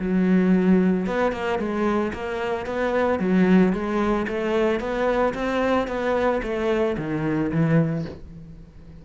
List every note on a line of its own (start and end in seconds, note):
0.00 1.06 F#3
1.06 1.32 B3
1.32 1.59 A#3
1.59 2.13 G#3
2.14 2.66 A#3
2.66 3.19 B3
3.19 3.73 F#3
3.73 4.27 G#3
4.28 4.80 A3
4.80 5.34 B3
5.34 5.88 C4
5.88 6.41 B3
6.43 6.96 A3
6.98 7.51 D#3
7.52 8.06 E3